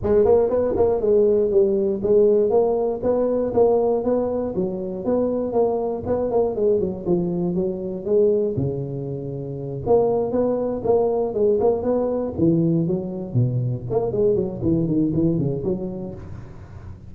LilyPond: \new Staff \with { instrumentName = "tuba" } { \time 4/4 \tempo 4 = 119 gis8 ais8 b8 ais8 gis4 g4 | gis4 ais4 b4 ais4 | b4 fis4 b4 ais4 | b8 ais8 gis8 fis8 f4 fis4 |
gis4 cis2~ cis8 ais8~ | ais8 b4 ais4 gis8 ais8 b8~ | b8 e4 fis4 b,4 ais8 | gis8 fis8 e8 dis8 e8 cis8 fis4 | }